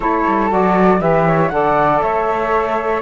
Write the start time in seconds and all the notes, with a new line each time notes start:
0.00 A3 E4 A4 C#5
0.27 G3
0.49 F#3 F#4 D5
0.99 E3 G4 B4 E5
1.26 C#5
1.49 D3 A4 D5 F#5
2.01 A3 C#5 E5